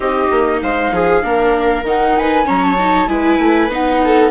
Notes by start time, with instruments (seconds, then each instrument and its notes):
0.00 bassoon C4, viola D#4 G4, flute D#5
0.30 bassoon A#3
0.62 bassoon G#3, viola C5, flute F5
0.91 bassoon F3, viola G#4
1.22 bassoon A#3, viola D4 A#4
1.82 bassoon D#3, viola D#4, flute F#5
2.17 viola B4, flute G#5
2.44 bassoon F#3, viola C#4 C#5, flute A#5
2.63 flute A5
2.78 viola D#4
3.07 bassoon G#3, viola E4 B4, flute G#5
3.38 bassoon A3
3.68 bassoon B3, viola D#4, flute F#5
4.04 viola A4